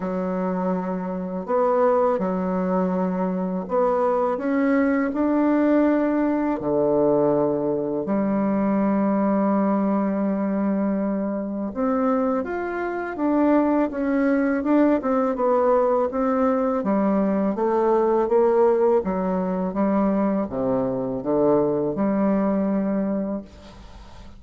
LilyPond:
\new Staff \with { instrumentName = "bassoon" } { \time 4/4 \tempo 4 = 82 fis2 b4 fis4~ | fis4 b4 cis'4 d'4~ | d'4 d2 g4~ | g1 |
c'4 f'4 d'4 cis'4 | d'8 c'8 b4 c'4 g4 | a4 ais4 fis4 g4 | c4 d4 g2 | }